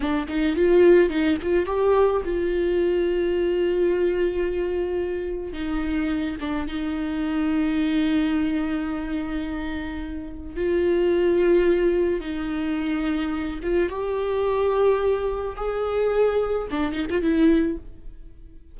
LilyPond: \new Staff \with { instrumentName = "viola" } { \time 4/4 \tempo 4 = 108 d'8 dis'8 f'4 dis'8 f'8 g'4 | f'1~ | f'2 dis'4. d'8 | dis'1~ |
dis'2. f'4~ | f'2 dis'2~ | dis'8 f'8 g'2. | gis'2 d'8 dis'16 f'16 e'4 | }